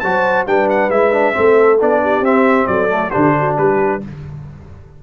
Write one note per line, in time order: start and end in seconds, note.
0.00 0.47 F#3
0.00 0.47 F#4
0.00 0.46 C5
0.00 0.44 A5
0.46 0.89 G3
0.46 0.91 D4
0.46 1.35 B4
0.46 0.69 G5
0.70 0.90 F#5
0.89 1.33 G#3
0.89 1.12 E4
0.89 1.79 E5
1.12 1.33 D4
1.33 1.82 A3
1.33 1.78 C4
1.33 2.02 A4
1.80 2.21 B3
1.80 2.24 D4
1.80 2.25 D5
2.02 2.68 G4
2.21 2.65 C4
2.21 2.89 C4
2.21 2.67 E5
2.67 3.12 F#3
2.67 3.12 A4
2.67 3.10 D5
2.89 3.11 A3
3.10 3.58 D3
3.10 4.01 D4
3.10 3.35 G4
3.10 3.55 C5
3.39 3.59 F#4
3.58 4.02 G3
3.58 4.03 G4
3.58 4.02 B4